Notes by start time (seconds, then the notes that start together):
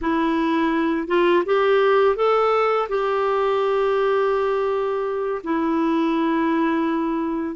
0.01 E4
1.07 F4
1.45 G4
2.16 A4
2.88 G4
5.43 E4